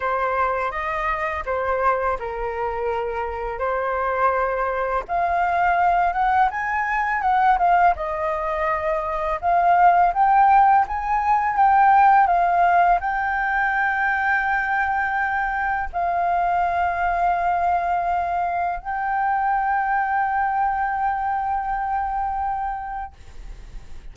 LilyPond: \new Staff \with { instrumentName = "flute" } { \time 4/4 \tempo 4 = 83 c''4 dis''4 c''4 ais'4~ | ais'4 c''2 f''4~ | f''8 fis''8 gis''4 fis''8 f''8 dis''4~ | dis''4 f''4 g''4 gis''4 |
g''4 f''4 g''2~ | g''2 f''2~ | f''2 g''2~ | g''1 | }